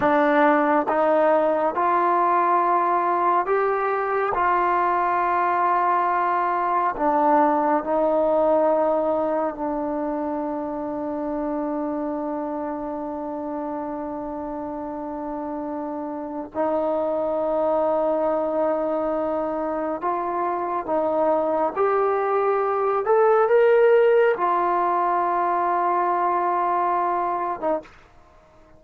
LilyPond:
\new Staff \with { instrumentName = "trombone" } { \time 4/4 \tempo 4 = 69 d'4 dis'4 f'2 | g'4 f'2. | d'4 dis'2 d'4~ | d'1~ |
d'2. dis'4~ | dis'2. f'4 | dis'4 g'4. a'8 ais'4 | f'2.~ f'8. dis'16 | }